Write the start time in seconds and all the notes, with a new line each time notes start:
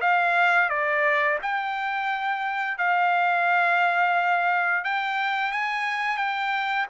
0.00 F5
0.69 D5
1.42 G5
2.77 F5
4.84 G5
5.51 G#5
6.17 G5